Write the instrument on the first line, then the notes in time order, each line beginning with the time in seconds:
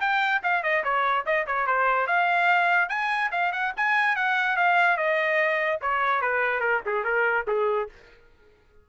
trumpet
0.00 G5
0.43 F5
0.63 D#5
0.84 C#5
1.25 D#5
1.47 C#5
1.66 C5
2.07 F5
2.89 G#5
3.31 F5
3.52 F#5
3.77 G#5
4.15 F#5
4.56 F5
4.97 D#5
5.81 C#5
6.21 B4
6.60 A#4
6.86 G#4
7.04 A#4
7.47 G#4